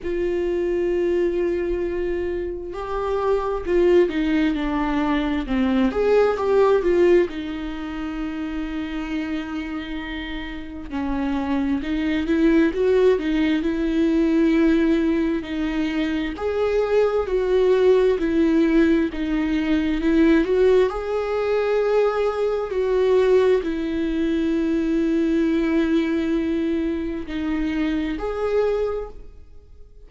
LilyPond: \new Staff \with { instrumentName = "viola" } { \time 4/4 \tempo 4 = 66 f'2. g'4 | f'8 dis'8 d'4 c'8 gis'8 g'8 f'8 | dis'1 | cis'4 dis'8 e'8 fis'8 dis'8 e'4~ |
e'4 dis'4 gis'4 fis'4 | e'4 dis'4 e'8 fis'8 gis'4~ | gis'4 fis'4 e'2~ | e'2 dis'4 gis'4 | }